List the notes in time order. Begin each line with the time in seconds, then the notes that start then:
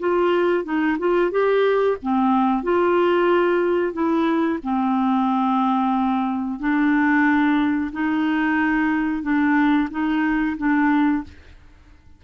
0.00 F4
0.65 D#4
0.99 F4
1.31 G4
2.03 C4
2.63 F4
3.94 E4
4.63 C4
6.60 D4
7.93 D#4
9.23 D4
9.91 D#4
10.58 D4